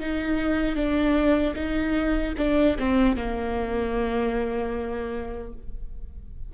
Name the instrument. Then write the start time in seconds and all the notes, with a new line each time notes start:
viola
0.00 D#4
0.75 D4
1.55 D#4
2.37 D4
2.78 C4
3.16 A#3